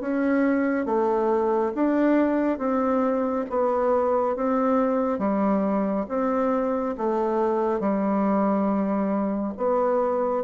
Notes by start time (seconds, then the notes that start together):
0.00 C#4
0.85 A3
1.75 D4
2.58 C4
3.49 B3
4.36 C4
5.19 G3
6.08 C4
6.97 A3
7.80 G3
9.57 B3